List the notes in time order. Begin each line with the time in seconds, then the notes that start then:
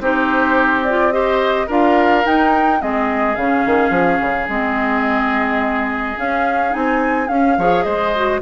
0.00 C4 D#4 G4 C5
0.84 F4 D5
1.12 G4 C5 D#5
1.67 D4 F4 A#4 F5
2.24 D#4 G5
2.80 G#3 C4 G#4 D#5
3.35 C#3 C#4 F5
3.66 D#3
3.90 F3
4.22 C#3
4.48 G#3 C4 D#5
6.17 C#4 F5
6.70 C4 D#4 G#5
7.28 C#4 F5
7.58 F3 G#4 C#5
7.83 G#3 C5 D#5
8.16 F#4